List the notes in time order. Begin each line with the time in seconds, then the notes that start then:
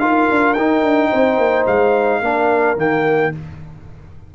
0.00 D#4 F4 A#4 F5
0.31 D4
0.54 D#4 G5
0.84 D4
1.10 C4 C5
1.38 A#3
1.67 G#3 F5
2.21 A#3 D4 A#4
2.77 D#3 A#3 G5